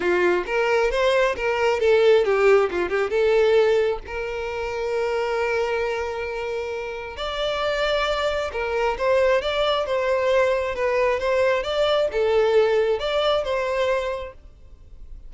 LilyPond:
\new Staff \with { instrumentName = "violin" } { \time 4/4 \tempo 4 = 134 f'4 ais'4 c''4 ais'4 | a'4 g'4 f'8 g'8 a'4~ | a'4 ais'2.~ | ais'1 |
d''2. ais'4 | c''4 d''4 c''2 | b'4 c''4 d''4 a'4~ | a'4 d''4 c''2 | }